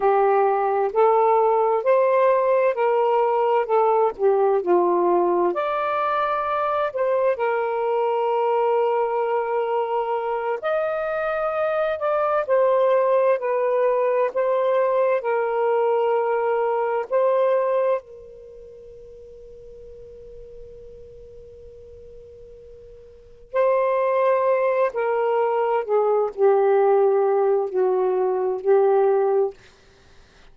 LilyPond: \new Staff \with { instrumentName = "saxophone" } { \time 4/4 \tempo 4 = 65 g'4 a'4 c''4 ais'4 | a'8 g'8 f'4 d''4. c''8 | ais'2.~ ais'8 dis''8~ | dis''4 d''8 c''4 b'4 c''8~ |
c''8 ais'2 c''4 ais'8~ | ais'1~ | ais'4. c''4. ais'4 | gis'8 g'4. fis'4 g'4 | }